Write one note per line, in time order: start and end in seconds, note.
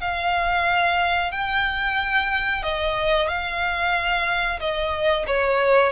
0.00 1.31 F5
1.31 2.63 G5
2.63 3.28 D#5
3.28 4.59 F5
4.60 5.26 D#5
5.27 5.92 C#5